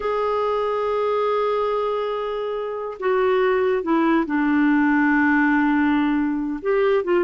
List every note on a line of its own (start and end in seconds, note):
0.00 2.97 G#4
2.99 3.82 F#4
3.82 4.25 E4
4.26 6.60 D4
6.62 7.03 G4
7.03 7.23 F4